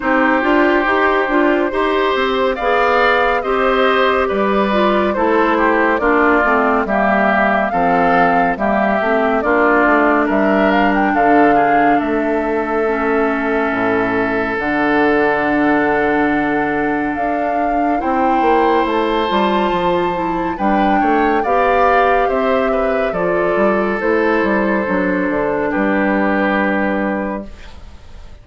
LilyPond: <<
  \new Staff \with { instrumentName = "flute" } { \time 4/4 \tempo 4 = 70 c''2. f''4 | dis''4 d''4 c''4 d''4 | e''4 f''4 e''4 d''4 | e''8 f''16 g''16 f''4 e''2~ |
e''4 fis''2. | f''4 g''4 a''2 | g''4 f''4 e''4 d''4 | c''2 b'2 | }
  \new Staff \with { instrumentName = "oboe" } { \time 4/4 g'2 c''4 d''4 | c''4 b'4 a'8 g'8 f'4 | g'4 a'4 g'4 f'4 | ais'4 a'8 gis'8 a'2~ |
a'1~ | a'4 c''2. | b'8 cis''8 d''4 c''8 b'8 a'4~ | a'2 g'2 | }
  \new Staff \with { instrumentName = "clarinet" } { \time 4/4 dis'8 f'8 g'8 f'8 g'4 gis'4 | g'4. f'8 e'4 d'8 c'8 | ais4 c'4 ais8 c'8 d'4~ | d'2. cis'4~ |
cis'4 d'2.~ | d'4 e'4. f'4 e'8 | d'4 g'2 f'4 | e'4 d'2. | }
  \new Staff \with { instrumentName = "bassoon" } { \time 4/4 c'8 d'8 dis'8 d'8 dis'8 c'8 b4 | c'4 g4 a4 ais8 a8 | g4 f4 g8 a8 ais8 a8 | g4 d4 a2 |
a,4 d2. | d'4 c'8 ais8 a8 g8 f4 | g8 a8 b4 c'4 f8 g8 | a8 g8 fis8 d8 g2 | }
>>